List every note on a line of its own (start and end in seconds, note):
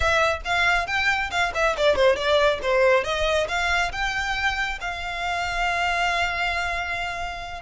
0.00 0.41 E5
0.44 0.87 F5
0.87 1.30 G5
1.30 1.52 F5
1.54 1.76 E5
1.77 1.95 D5
1.95 2.15 C5
2.15 2.59 D5
2.62 3.03 C5
3.03 3.47 D#5
3.48 3.91 F5
3.92 4.78 G5
4.80 7.61 F5